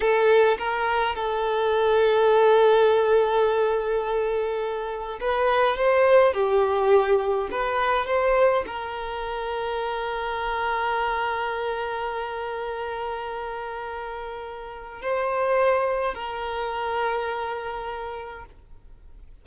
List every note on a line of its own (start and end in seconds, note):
0.00 0.57 A4
0.58 1.15 A#4
1.15 5.19 A4
5.20 5.77 B4
5.77 6.33 C5
6.33 7.48 G4
7.51 8.06 B4
8.06 8.64 C5
8.66 15.01 A#4
15.01 16.14 C5
16.14 18.45 A#4